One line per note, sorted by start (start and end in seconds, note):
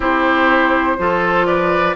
0.00 0.97 C4
0.00 0.97 E4
0.00 0.96 G4
0.00 1.46 C5
0.97 1.96 F3
0.97 1.95 F4
0.97 1.46 A4
1.46 1.95 B4
1.46 1.95 D5